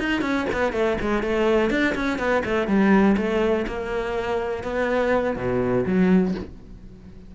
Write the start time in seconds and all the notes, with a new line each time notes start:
0.00 D#4
0.22 C#4
0.53 B3
0.73 A3
1.02 G#3
1.23 A3
1.71 D4
1.96 C#4
2.19 B3
2.45 A3
2.68 G3
3.18 A3
3.67 A#3
4.64 B3
5.37 B2
5.86 F#3